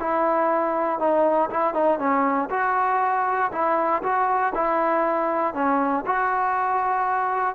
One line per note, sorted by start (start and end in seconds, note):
0.00 0.99 E4
0.99 1.50 D#4
1.50 1.74 E4
1.74 1.99 D#4
1.99 2.49 C#4
2.50 3.51 F#4
3.52 4.03 E4
4.03 4.54 F#4
4.55 5.54 E4
5.54 6.05 C#4
6.06 7.55 F#4